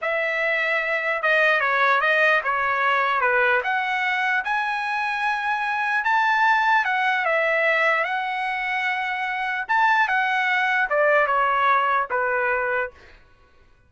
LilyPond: \new Staff \with { instrumentName = "trumpet" } { \time 4/4 \tempo 4 = 149 e''2. dis''4 | cis''4 dis''4 cis''2 | b'4 fis''2 gis''4~ | gis''2. a''4~ |
a''4 fis''4 e''2 | fis''1 | a''4 fis''2 d''4 | cis''2 b'2 | }